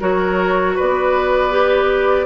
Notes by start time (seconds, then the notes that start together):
0.00 F#3 F#4 A#4 C#5
0.75 B3 B4 D5
1.51 G4